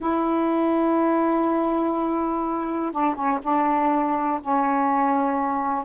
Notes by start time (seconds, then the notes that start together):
0.00 E4
2.92 D4
3.15 C#4
3.43 D4
4.41 C#4